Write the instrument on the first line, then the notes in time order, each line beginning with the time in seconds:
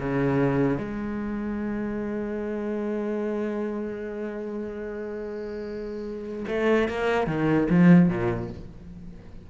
cello
0.00 C#3
0.78 G#3
6.48 A3
6.89 A#3
7.28 D#3
7.70 F3
8.10 A#2